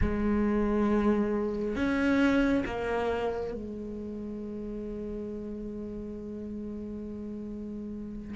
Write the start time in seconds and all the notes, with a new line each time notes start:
0.01 G#3
1.75 C#4
2.65 A#3
3.53 G#3